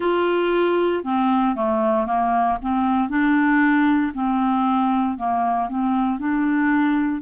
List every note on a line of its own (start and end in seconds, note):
0.00 1.03 F4
1.03 1.55 C4
1.55 2.06 A3
2.06 2.58 A#3
2.61 3.08 C4
3.08 4.12 D4
4.14 5.17 C4
5.17 5.69 A#3
5.69 6.19 C4
6.19 7.21 D4